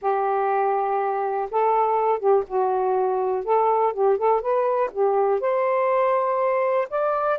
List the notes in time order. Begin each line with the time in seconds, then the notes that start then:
0.01 G4
1.50 A4
2.19 G4
2.47 F#4
3.44 A4
3.93 G4
4.17 A4
4.41 B4
4.92 G4
5.40 C5
6.90 D5